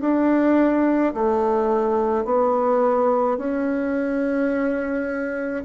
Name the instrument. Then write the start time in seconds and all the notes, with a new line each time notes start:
bassoon
0.00 D4
1.13 A3
2.24 B3
3.37 C#4